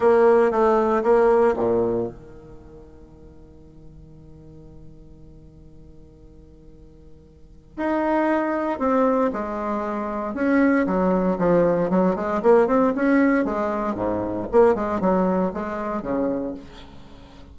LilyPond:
\new Staff \with { instrumentName = "bassoon" } { \time 4/4 \tempo 4 = 116 ais4 a4 ais4 ais,4 | dis1~ | dis1~ | dis2. dis'4~ |
dis'4 c'4 gis2 | cis'4 fis4 f4 fis8 gis8 | ais8 c'8 cis'4 gis4 gis,4 | ais8 gis8 fis4 gis4 cis4 | }